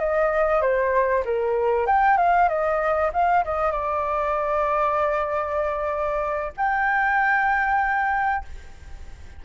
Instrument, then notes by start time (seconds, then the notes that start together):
flute
0.00 D#5
0.62 C5
1.25 A#4
1.87 G5
2.18 F5
2.49 D#5
3.13 F5
3.45 D#5
3.72 D5
6.57 G5